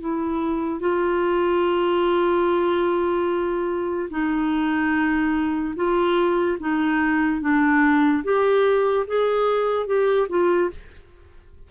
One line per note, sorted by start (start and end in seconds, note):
0.00 0.80 E4
0.80 4.09 F4
4.10 5.75 D#4
5.76 6.58 F4
6.60 7.41 D#4
7.41 8.23 D4
8.24 9.06 G4
9.07 9.87 G#4
9.87 10.28 G4
10.29 10.70 F4